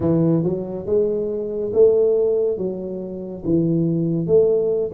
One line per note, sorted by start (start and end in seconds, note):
0.00 0.43 E3
0.43 0.86 F#3
0.86 1.71 G#3
1.73 2.57 A3
2.57 3.43 F#3
3.44 4.26 E3
4.26 4.91 A3